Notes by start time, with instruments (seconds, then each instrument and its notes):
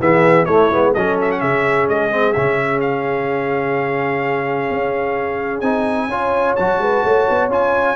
0.00 tuba E3, trombone B3, horn G#4, trumpet E5
0.46 tuba A3, trombone A3, horn E4, trumpet C#5
0.72 tuba G#3, trombone B3
0.93 tuba F#3, trombone C#4, horn A4, trumpet D#5
1.22 trumpet E5
1.32 trumpet F#5
1.41 tuba C#3, horn G#4, trumpet E5
1.89 tuba G#3, trumpet D#5
2.11 trombone C4
2.33 tuba C#3, trombone C#4, trumpet E5
2.81 trumpet F5
4.71 tuba C#4
5.61 tuba C4, trombone D#4, trumpet G#5
6.08 tuba C#4, trombone F4, horn C#5
6.56 tuba F#3, trombone F#4, trumpet A5
6.79 tuba G#3, horn B4
7.04 tuba A3, horn C#5
7.30 tuba B3
7.49 tuba C#4, trombone F4, trumpet G#5